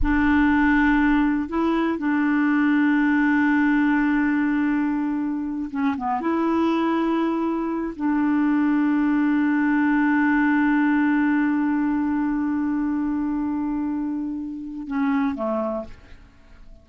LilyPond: \new Staff \with { instrumentName = "clarinet" } { \time 4/4 \tempo 4 = 121 d'2. e'4 | d'1~ | d'2.~ d'8 cis'8 | b8 e'2.~ e'8 |
d'1~ | d'1~ | d'1~ | d'2 cis'4 a4 | }